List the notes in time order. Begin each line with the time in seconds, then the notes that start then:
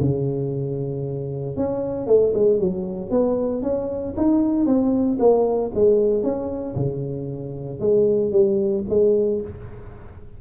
0.00 C#3
1.56 C#4
2.07 A3
2.34 G#3
2.60 F#3
3.10 B3
3.62 C#4
4.17 D#4
4.66 C4
5.19 A#3
5.74 G#3
6.23 C#4
6.76 C#3
7.80 G#3
8.32 G3
8.89 G#3